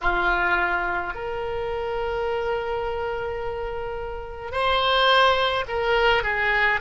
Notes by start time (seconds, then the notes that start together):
0.01 F4
1.14 A#4
4.51 C5
5.68 A#4
6.23 G#4